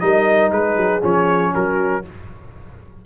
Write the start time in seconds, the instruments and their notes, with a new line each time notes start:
0.00 tuba G3, trombone D#4, horn A#4, trumpet D#5
0.51 tuba G#3, horn G#4, trumpet B4
0.77 tuba F#3
1.02 tuba F3, trombone C#4, trumpet C#5
1.52 tuba F#3, horn F#4, trumpet A#4